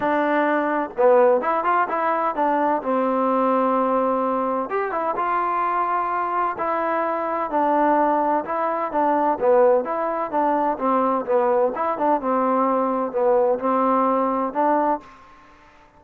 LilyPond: \new Staff \with { instrumentName = "trombone" } { \time 4/4 \tempo 4 = 128 d'2 b4 e'8 f'8 | e'4 d'4 c'2~ | c'2 g'8 e'8 f'4~ | f'2 e'2 |
d'2 e'4 d'4 | b4 e'4 d'4 c'4 | b4 e'8 d'8 c'2 | b4 c'2 d'4 | }